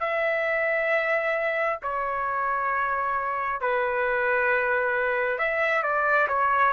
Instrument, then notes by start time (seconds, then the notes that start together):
trumpet
0.00 E5
1.82 C#5
3.61 B4
5.38 E5
5.82 D5
6.28 C#5